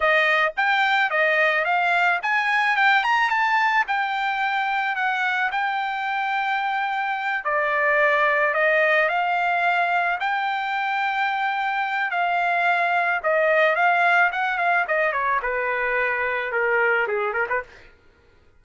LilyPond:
\new Staff \with { instrumentName = "trumpet" } { \time 4/4 \tempo 4 = 109 dis''4 g''4 dis''4 f''4 | gis''4 g''8 ais''8 a''4 g''4~ | g''4 fis''4 g''2~ | g''4. d''2 dis''8~ |
dis''8 f''2 g''4.~ | g''2 f''2 | dis''4 f''4 fis''8 f''8 dis''8 cis''8 | b'2 ais'4 gis'8 ais'16 b'16 | }